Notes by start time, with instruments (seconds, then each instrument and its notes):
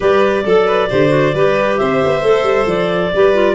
0.00 tuba G3, clarinet G4 D5, violin B4
0.44 tuba F#3, violin A4, clarinet A4
0.66 violin B4
0.89 tuba D3, clarinet G4, violin C5
1.08 clarinet F#4
1.33 tuba G3, clarinet G4, violin B4
1.77 tuba C4, violin C5, clarinet E5
2.04 tuba B3
2.22 tuba A3, clarinet A4
2.43 tuba G3
2.66 tuba F3, clarinet D5
3.14 tuba G3, clarinet G4, violin B4
3.33 clarinet F4